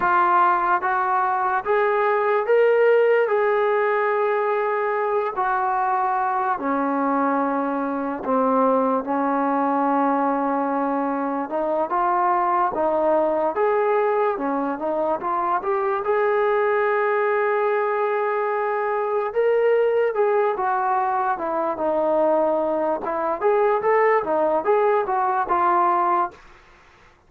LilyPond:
\new Staff \with { instrumentName = "trombone" } { \time 4/4 \tempo 4 = 73 f'4 fis'4 gis'4 ais'4 | gis'2~ gis'8 fis'4. | cis'2 c'4 cis'4~ | cis'2 dis'8 f'4 dis'8~ |
dis'8 gis'4 cis'8 dis'8 f'8 g'8 gis'8~ | gis'2.~ gis'8 ais'8~ | ais'8 gis'8 fis'4 e'8 dis'4. | e'8 gis'8 a'8 dis'8 gis'8 fis'8 f'4 | }